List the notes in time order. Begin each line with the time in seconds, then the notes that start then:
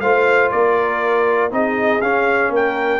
0.00 A3 F4 C5 F5
0.51 A#3 A#4 D5
1.51 C4 D#4 G#4 D#5
2.01 C#4 F5
2.49 A#3 A#4
2.56 G5